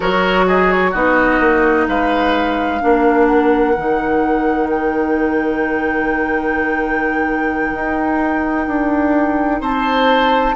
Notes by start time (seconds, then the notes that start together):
0.00 F#3 F#4 A#4 C#5
0.47 G#4 D#5
0.71 C#5
0.91 B3 D#4 F#4 D#5
1.39 A#3
1.88 G#3 B4 F5
2.80 A#3 D4 A#4
3.26 F#5
3.76 D#3 D#4
4.69 G5
7.73 D#4
8.67 D4
9.61 C4 C5 A5